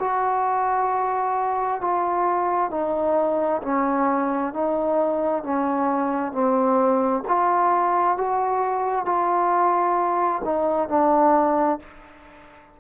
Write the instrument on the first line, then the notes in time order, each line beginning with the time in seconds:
trombone
0.00 F#4
1.81 F4
2.71 D#4
3.63 C#4
4.54 D#4
5.44 C#4
6.33 C4
7.28 F4
8.18 F#4
9.06 F4
10.45 D#4
10.89 D4